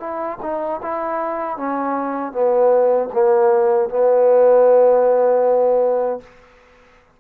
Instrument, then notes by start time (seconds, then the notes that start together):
trombone
0.00 E4
0.43 D#4
0.83 E4
1.57 C#4
2.33 B3
3.14 A#3
3.90 B3